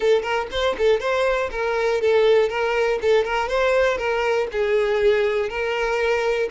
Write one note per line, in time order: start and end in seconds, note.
0.00 0.22 A4
0.22 0.47 A#4
0.51 0.76 C5
0.77 1.00 A4
1.00 1.50 C5
1.51 2.01 A#4
2.01 2.49 A4
2.49 2.99 A#4
3.01 3.24 A4
3.24 3.48 A#4
3.48 3.97 C5
3.97 4.47 A#4
4.52 5.49 G#4
5.49 6.49 A#4